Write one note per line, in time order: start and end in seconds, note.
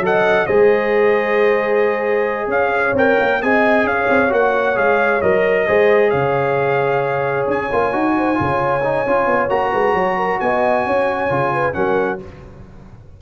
0.00 0.45 F#3
0.00 0.48 A4
0.00 0.46 D#5
0.00 0.46 F#5
0.46 2.47 G#3
0.46 2.96 G#4
0.46 2.49 C5
0.46 2.49 D#5
2.47 2.92 C#4
2.47 3.42 C#5
2.47 2.95 F5
2.93 3.15 C4
2.93 3.41 A#4
2.93 3.42 G5
3.20 3.42 A#3
3.42 3.84 C4
3.42 4.29 G#4
3.42 3.88 D#5
3.42 3.87 G#5
3.84 4.06 C#4
3.84 5.66 C#5
3.84 4.32 F5
4.10 4.31 C4
4.29 4.77 A#3
4.29 4.74 F#4
4.29 4.77 F#5
4.75 5.22 G#3
4.75 5.20 G#4
4.75 5.21 F5
5.21 5.68 F#3
5.21 5.67 A#4
5.21 6.10 D#5
5.66 6.13 G#3
5.66 7.70 G#4
5.66 6.10 C5
6.10 7.47 C#3
6.10 8.13 C#5
6.10 7.45 F5
7.47 7.70 C#4
7.47 9.49 G#5
7.72 7.93 A#3
7.72 7.92 F4
7.92 8.38 D#4
7.92 8.35 F#4
8.17 8.39 C5
8.35 9.06 C#3
8.35 8.80 F4
8.41 9.71 C#5
8.83 9.06 D#4
9.06 9.26 C#4
9.06 9.49 F4
9.26 9.49 B3
9.49 9.72 A#3
9.49 11.29 F#4
9.49 10.40 A#5
9.71 9.94 G#3
9.71 9.93 B4
9.93 10.39 F#3
9.93 10.16 C#5
10.16 10.39 A#4
10.40 10.86 B3
10.40 10.86 D#5
10.40 11.73 G#5
10.86 11.30 C#4
10.86 11.53 C#5
11.29 11.75 C#3
11.29 11.73 F4
11.53 11.76 B4
11.73 12.21 F#3
11.73 12.18 C#4
11.73 12.21 A#4
11.73 12.19 F#5